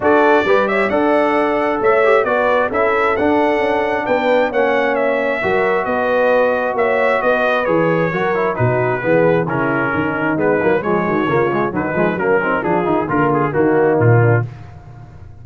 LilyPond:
<<
  \new Staff \with { instrumentName = "trumpet" } { \time 4/4 \tempo 4 = 133 d''4. e''8 fis''2 | e''4 d''4 e''4 fis''4~ | fis''4 g''4 fis''4 e''4~ | e''4 dis''2 e''4 |
dis''4 cis''2 b'4~ | b'4 ais'2 b'4 | cis''2 b'4 ais'4 | gis'4 ais'8 gis'8 fis'4 f'4 | }
  \new Staff \with { instrumentName = "horn" } { \time 4/4 a'4 b'8 cis''8 d''2 | cis''4 b'4 a'2~ | a'4 b'4 cis''2 | ais'4 b'2 cis''4 |
b'2 ais'4 fis'4 | gis'4 e'4 dis'2 | gis'8 fis'8 f'4 dis'4 cis'8 dis'8 | f'4 ais4 dis'4. d'8 | }
  \new Staff \with { instrumentName = "trombone" } { \time 4/4 fis'4 g'4 a'2~ | a'8 g'8 fis'4 e'4 d'4~ | d'2 cis'2 | fis'1~ |
fis'4 gis'4 fis'8 e'8 dis'4 | b4 cis'2 b8 ais8 | gis4 ais8 gis8 fis8 gis8 ais8 c'8 | d'8 dis'8 f'4 ais2 | }
  \new Staff \with { instrumentName = "tuba" } { \time 4/4 d'4 g4 d'2 | a4 b4 cis'4 d'4 | cis'4 b4 ais2 | fis4 b2 ais4 |
b4 e4 fis4 b,4 | e4 cis4 dis4 gis8 fis8 | f8 dis8 cis4 dis8 f8 fis4 | f8 dis8 d4 dis4 ais,4 | }
>>